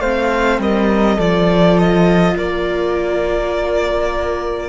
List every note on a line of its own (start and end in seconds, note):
0.00 0.59 A3
0.00 1.20 C4
0.00 0.60 C5
0.00 0.59 F5
0.59 1.18 G3
0.59 1.16 A#4
0.59 1.20 D#5
1.16 2.36 F3
1.16 4.69 F4
1.16 2.34 A4
1.16 1.78 D5
1.78 2.37 D#5
2.37 4.69 A#3
2.37 4.69 A#4
2.37 4.69 D5